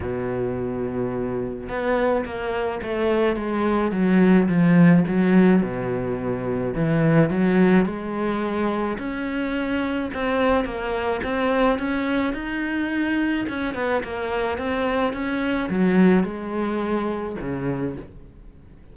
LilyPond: \new Staff \with { instrumentName = "cello" } { \time 4/4 \tempo 4 = 107 b,2. b4 | ais4 a4 gis4 fis4 | f4 fis4 b,2 | e4 fis4 gis2 |
cis'2 c'4 ais4 | c'4 cis'4 dis'2 | cis'8 b8 ais4 c'4 cis'4 | fis4 gis2 cis4 | }